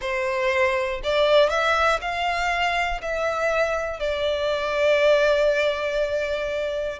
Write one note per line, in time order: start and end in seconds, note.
0.00 1.00 C5
1.03 1.50 D5
1.50 2.00 E5
2.00 3.00 F5
3.01 3.99 E5
3.99 6.99 D5